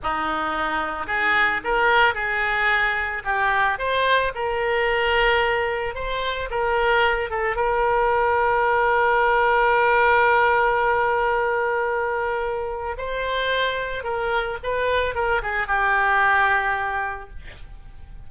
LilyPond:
\new Staff \with { instrumentName = "oboe" } { \time 4/4 \tempo 4 = 111 dis'2 gis'4 ais'4 | gis'2 g'4 c''4 | ais'2. c''4 | ais'4. a'8 ais'2~ |
ais'1~ | ais'1 | c''2 ais'4 b'4 | ais'8 gis'8 g'2. | }